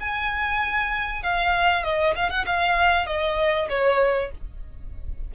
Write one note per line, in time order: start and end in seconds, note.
0.00 1.23 G#5
1.23 1.84 F5
1.84 2.15 D#5
2.15 2.30 F5
2.30 2.45 F#5
2.46 3.06 F5
3.06 3.69 D#5
3.69 4.31 C#5